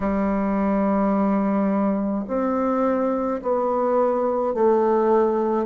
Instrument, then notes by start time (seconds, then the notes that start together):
bassoon
0.00 G3
2.27 C4
3.42 B3
4.54 A3